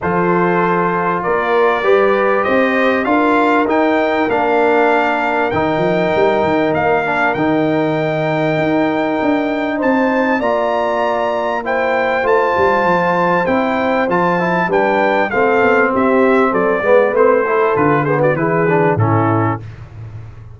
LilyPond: <<
  \new Staff \with { instrumentName = "trumpet" } { \time 4/4 \tempo 4 = 98 c''2 d''2 | dis''4 f''4 g''4 f''4~ | f''4 g''2 f''4 | g''1 |
a''4 ais''2 g''4 | a''2 g''4 a''4 | g''4 f''4 e''4 d''4 | c''4 b'8 c''16 d''16 b'4 a'4 | }
  \new Staff \with { instrumentName = "horn" } { \time 4/4 a'2 ais'4 b'4 | c''4 ais'2.~ | ais'1~ | ais'1 |
c''4 d''2 c''4~ | c''1 | b'4 a'4 g'4 a'8 b'8~ | b'8 a'4 gis'16 fis'16 gis'4 e'4 | }
  \new Staff \with { instrumentName = "trombone" } { \time 4/4 f'2. g'4~ | g'4 f'4 dis'4 d'4~ | d'4 dis'2~ dis'8 d'8 | dis'1~ |
dis'4 f'2 e'4 | f'2 e'4 f'8 e'8 | d'4 c'2~ c'8 b8 | c'8 e'8 f'8 b8 e'8 d'8 cis'4 | }
  \new Staff \with { instrumentName = "tuba" } { \time 4/4 f2 ais4 g4 | c'4 d'4 dis'4 ais4~ | ais4 dis8 f8 g8 dis8 ais4 | dis2 dis'4 d'4 |
c'4 ais2. | a8 g8 f4 c'4 f4 | g4 a8 b8 c'4 fis8 gis8 | a4 d4 e4 a,4 | }
>>